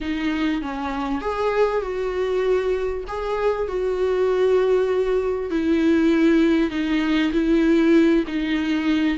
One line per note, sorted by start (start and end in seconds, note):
0.01 0.61 D#4
0.61 1.21 C#4
1.21 1.81 G#4
1.81 3.04 F#4
3.07 3.68 G#4
3.68 5.50 F#4
5.50 6.70 E4
6.70 7.31 D#4
7.32 8.24 E4
8.27 9.17 D#4